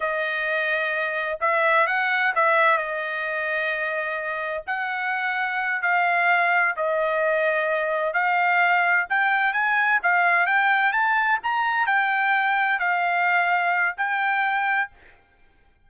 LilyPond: \new Staff \with { instrumentName = "trumpet" } { \time 4/4 \tempo 4 = 129 dis''2. e''4 | fis''4 e''4 dis''2~ | dis''2 fis''2~ | fis''8 f''2 dis''4.~ |
dis''4. f''2 g''8~ | g''8 gis''4 f''4 g''4 a''8~ | a''8 ais''4 g''2 f''8~ | f''2 g''2 | }